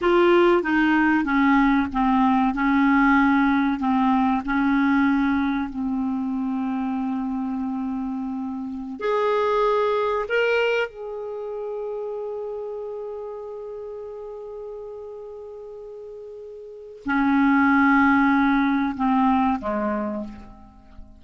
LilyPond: \new Staff \with { instrumentName = "clarinet" } { \time 4/4 \tempo 4 = 95 f'4 dis'4 cis'4 c'4 | cis'2 c'4 cis'4~ | cis'4 c'2.~ | c'2~ c'16 gis'4.~ gis'16~ |
gis'16 ais'4 gis'2~ gis'8.~ | gis'1~ | gis'2. cis'4~ | cis'2 c'4 gis4 | }